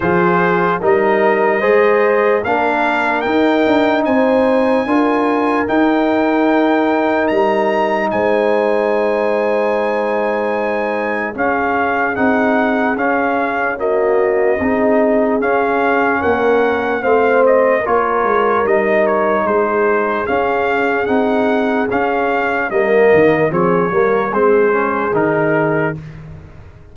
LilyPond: <<
  \new Staff \with { instrumentName = "trumpet" } { \time 4/4 \tempo 4 = 74 c''4 dis''2 f''4 | g''4 gis''2 g''4~ | g''4 ais''4 gis''2~ | gis''2 f''4 fis''4 |
f''4 dis''2 f''4 | fis''4 f''8 dis''8 cis''4 dis''8 cis''8 | c''4 f''4 fis''4 f''4 | dis''4 cis''4 c''4 ais'4 | }
  \new Staff \with { instrumentName = "horn" } { \time 4/4 gis'4 ais'4 c''4 ais'4~ | ais'4 c''4 ais'2~ | ais'2 c''2~ | c''2 gis'2~ |
gis'4 fis'4 gis'2 | ais'4 c''4 ais'2 | gis'1 | ais'4 gis'8 ais'8 gis'2 | }
  \new Staff \with { instrumentName = "trombone" } { \time 4/4 f'4 dis'4 gis'4 d'4 | dis'2 f'4 dis'4~ | dis'1~ | dis'2 cis'4 dis'4 |
cis'4 ais4 dis'4 cis'4~ | cis'4 c'4 f'4 dis'4~ | dis'4 cis'4 dis'4 cis'4 | ais4 c'8 ais8 c'8 cis'8 dis'4 | }
  \new Staff \with { instrumentName = "tuba" } { \time 4/4 f4 g4 gis4 ais4 | dis'8 d'8 c'4 d'4 dis'4~ | dis'4 g4 gis2~ | gis2 cis'4 c'4 |
cis'2 c'4 cis'4 | ais4 a4 ais8 gis8 g4 | gis4 cis'4 c'4 cis'4 | g8 dis8 f8 g8 gis4 dis4 | }
>>